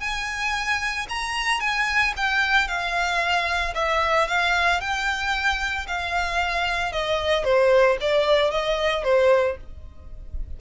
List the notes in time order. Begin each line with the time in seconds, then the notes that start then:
0.00 G#5
1.09 A#5
1.60 G#5
2.16 G5
2.67 F5
3.74 E5
4.27 F5
4.80 G5
5.87 F5
6.92 D#5
7.44 C5
8.00 D5
8.51 D#5
9.04 C5